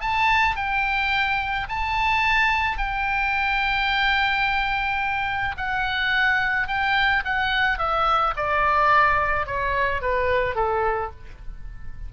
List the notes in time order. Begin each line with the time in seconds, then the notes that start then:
0.00 A5
0.56 G5
1.68 A5
2.77 G5
5.57 F#5
6.67 G5
7.24 F#5
7.78 E5
8.36 D5
9.46 C#5
10.01 B4
10.55 A4